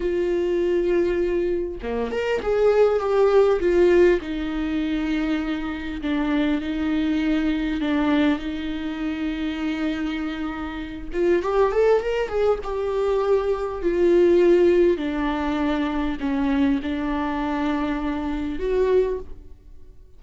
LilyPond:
\new Staff \with { instrumentName = "viola" } { \time 4/4 \tempo 4 = 100 f'2. ais8 ais'8 | gis'4 g'4 f'4 dis'4~ | dis'2 d'4 dis'4~ | dis'4 d'4 dis'2~ |
dis'2~ dis'8 f'8 g'8 a'8 | ais'8 gis'8 g'2 f'4~ | f'4 d'2 cis'4 | d'2. fis'4 | }